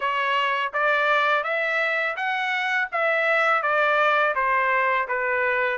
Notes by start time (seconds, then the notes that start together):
0.00 C#5
0.73 D5
1.43 E5
2.16 F#5
2.91 E5
3.62 D5
4.35 C5
5.08 B4